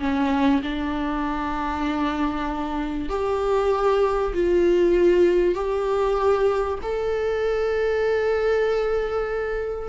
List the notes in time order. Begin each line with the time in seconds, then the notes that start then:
0.00 C#4
0.62 D4
3.10 G4
4.34 F4
5.55 G4
6.83 A4